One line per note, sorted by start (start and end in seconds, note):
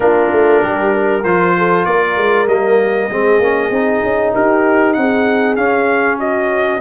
0.00 0.31 A#3
0.00 1.23 D4
0.00 0.62 F4
0.00 1.24 A#4
0.32 0.62 A3
0.62 1.24 G3
0.62 0.93 G4
0.93 1.55 A#4
1.24 1.86 F3
1.24 2.48 F4
1.24 1.85 C5
1.57 1.87 A4
1.85 2.17 A#3
1.85 3.10 A#4
1.85 2.47 D5
2.17 2.47 G#3
2.47 3.08 G3
2.47 3.09 A#3
2.47 4.33 D#5
3.09 3.39 G#3
3.09 3.41 C4
3.09 4.33 G#4
3.39 3.70 A#3
3.39 3.72 C#4
3.70 4.01 C4
3.70 5.57 D#4
4.03 4.34 C#4
4.33 4.97 D#4
4.33 4.95 G4
4.33 4.93 A#4
4.93 5.56 C4
4.93 5.55 F#5
5.00 6.18 G#4
5.56 6.80 C#4
5.56 6.18 F5
6.18 6.80 F#4
6.18 6.80 D#5